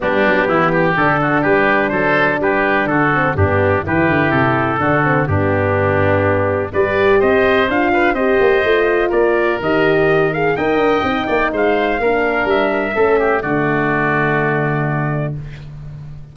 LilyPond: <<
  \new Staff \with { instrumentName = "trumpet" } { \time 4/4 \tempo 4 = 125 g'2 a'4 b'4 | c''4 b'4 a'4 g'4 | b'4 a'2 g'4~ | g'2 d''4 dis''4 |
f''4 dis''2 d''4 | dis''4. f''8 g''2 | f''2 e''2 | d''1 | }
  \new Staff \with { instrumentName = "oboe" } { \time 4/4 d'4 e'8 g'4 fis'8 g'4 | a'4 g'4 fis'4 d'4 | g'2 fis'4 d'4~ | d'2 b'4 c''4~ |
c''8 b'8 c''2 ais'4~ | ais'2 dis''4. d''8 | c''4 ais'2 a'8 g'8 | fis'1 | }
  \new Staff \with { instrumentName = "horn" } { \time 4/4 b2 d'2~ | d'2~ d'8 c'8 b4 | e'2 d'8 c'8 b4~ | b2 g'2 |
f'4 g'4 f'2 | g'4. gis'8 ais'4 dis'4~ | dis'4 d'2 cis'4 | a1 | }
  \new Staff \with { instrumentName = "tuba" } { \time 4/4 g8 fis8 e4 d4 g4 | fis4 g4 d4 g,4 | e8 d8 c4 d4 g,4~ | g,2 g4 c'4 |
d'4 c'8 ais8 a4 ais4 | dis2 dis'8 d'8 c'8 ais8 | gis4 ais4 g4 a4 | d1 | }
>>